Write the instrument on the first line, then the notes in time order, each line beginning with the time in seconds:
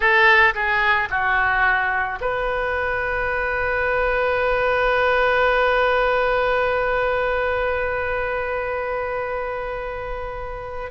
oboe
0.00 A4
0.54 G#4
1.10 F#4
2.20 B4